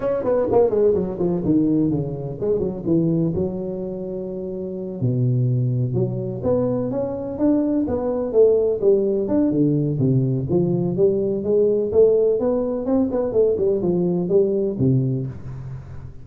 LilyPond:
\new Staff \with { instrumentName = "tuba" } { \time 4/4 \tempo 4 = 126 cis'8 b8 ais8 gis8 fis8 f8 dis4 | cis4 gis8 fis8 e4 fis4~ | fis2~ fis8 b,4.~ | b,8 fis4 b4 cis'4 d'8~ |
d'8 b4 a4 g4 d'8 | d4 c4 f4 g4 | gis4 a4 b4 c'8 b8 | a8 g8 f4 g4 c4 | }